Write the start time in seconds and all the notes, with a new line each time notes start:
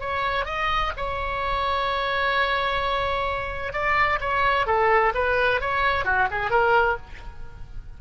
0.00 C#5
0.45 D#5
0.97 C#5
3.73 D5
4.21 C#5
4.66 A4
5.14 B4
5.61 C#5
6.05 F#4
6.31 G#4
6.50 A#4